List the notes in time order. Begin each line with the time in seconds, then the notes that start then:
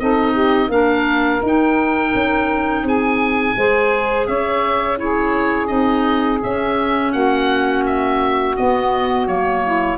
0.00 C4 D#4 A4 D#5
0.33 G4
0.69 A#3 D4 A#4 F5
1.43 D#4 G5
2.15 C#4
2.83 C4 G#4 G#5
3.57 G#3 G#4 C5
4.27 C#4 C#5 E5
4.98 E4 G#4 C#5
5.67 C4 D#4 D#5
6.43 C#4 E5
7.12 A#3 F#4 F#5
7.86 E5
8.57 B3 D#5
9.26 F#3 A#3 C#5
9.64 E4